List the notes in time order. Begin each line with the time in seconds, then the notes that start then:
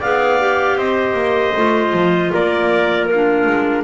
0.00 B3 G#4 D5 F5
0.40 G4
0.77 C4 C5 D#5
1.14 A#3
1.57 A3 F4
1.93 F3
2.33 A#3 A#4 D5
3.06 F4 A#4
3.14 D4
3.47 G#3